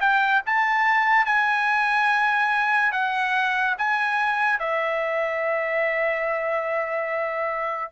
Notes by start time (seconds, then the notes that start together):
0.00 G5
0.46 A5
1.26 G#5
2.92 F#5
3.78 G#5
4.59 E5